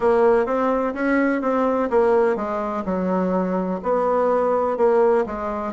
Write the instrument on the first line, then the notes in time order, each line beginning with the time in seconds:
bassoon
0.00 A#3
0.45 C4
0.94 C#4
1.41 C4
1.90 A#3
2.35 G#3
2.85 F#3
3.83 B3
4.77 A#3
5.26 G#3